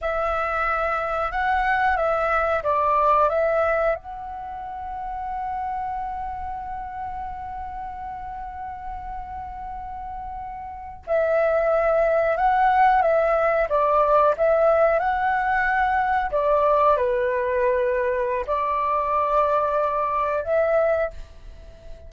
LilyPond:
\new Staff \with { instrumentName = "flute" } { \time 4/4 \tempo 4 = 91 e''2 fis''4 e''4 | d''4 e''4 fis''2~ | fis''1~ | fis''1~ |
fis''8. e''2 fis''4 e''16~ | e''8. d''4 e''4 fis''4~ fis''16~ | fis''8. d''4 b'2~ b'16 | d''2. e''4 | }